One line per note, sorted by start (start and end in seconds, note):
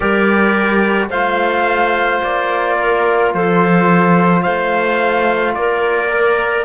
0.00 1.09 G3
0.00 1.10 G4
0.00 1.08 A#4
0.00 1.09 D5
1.09 2.20 A3
1.09 6.10 F4
1.09 2.76 C5
1.09 2.21 F5
2.22 3.34 A#3
2.22 3.33 D5
2.78 3.34 A#4
3.33 4.45 F3
3.33 4.41 A4
3.33 4.42 C5
4.41 5.56 A3
4.41 5.52 C5
4.41 5.53 F5
5.54 6.64 A#3
5.54 6.64 A#4
5.54 6.64 D5
6.10 6.64 A#4